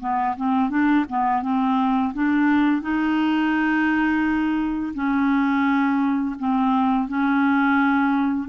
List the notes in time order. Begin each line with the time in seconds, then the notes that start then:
0.00 B3
0.36 C4
0.69 D4
1.09 B3
1.42 C4
2.14 D4
2.81 D#4
4.94 C#4
6.39 C4
7.08 C#4